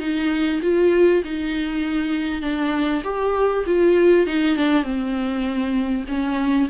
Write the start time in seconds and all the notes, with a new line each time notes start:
0.00 D#4
0.62 F4
1.24 D#4
2.42 D4
3.04 G4
3.66 F4
4.27 D#4
4.56 D4
4.84 C4
6.08 C#4